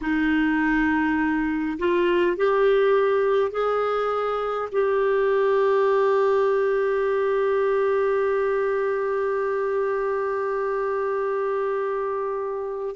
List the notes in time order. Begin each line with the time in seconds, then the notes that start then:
0.01 D#4
1.79 F4
2.36 G4
3.51 G#4
4.72 G4